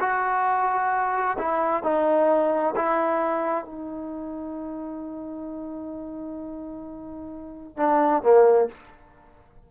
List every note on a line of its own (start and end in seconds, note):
0.00 1.37 F#4
1.38 1.83 E4
1.83 2.75 D#4
2.76 3.65 E4
3.65 7.77 D#4
7.77 8.23 D4
8.23 8.69 A#3